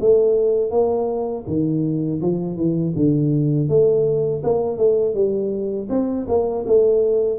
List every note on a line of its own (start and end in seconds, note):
0.00 0.70 A3
0.70 1.44 A#3
1.46 2.21 D#3
2.21 2.56 F3
2.56 2.93 E3
2.95 3.68 D3
3.68 4.42 A3
4.43 4.77 A#3
4.77 5.14 A3
5.14 5.88 G3
5.89 6.26 C4
6.28 6.65 A#3
6.66 7.39 A3